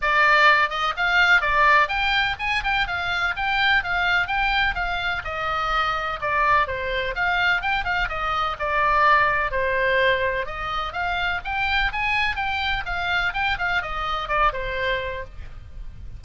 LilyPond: \new Staff \with { instrumentName = "oboe" } { \time 4/4 \tempo 4 = 126 d''4. dis''8 f''4 d''4 | g''4 gis''8 g''8 f''4 g''4 | f''4 g''4 f''4 dis''4~ | dis''4 d''4 c''4 f''4 |
g''8 f''8 dis''4 d''2 | c''2 dis''4 f''4 | g''4 gis''4 g''4 f''4 | g''8 f''8 dis''4 d''8 c''4. | }